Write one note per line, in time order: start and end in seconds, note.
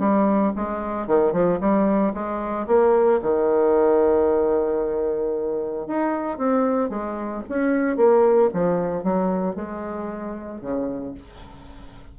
0.00 0.53 G3
0.56 1.07 G#3
1.07 1.33 D#3
1.33 1.60 F3
1.60 2.14 G3
2.14 2.67 G#3
2.67 3.21 A#3
3.23 5.87 D#3
5.87 6.38 D#4
6.38 6.90 C4
6.90 7.43 G#3
7.49 7.97 C#4
7.97 8.50 A#3
8.54 9.04 F3
9.04 9.56 F#3
9.56 10.61 G#3
10.61 11.15 C#3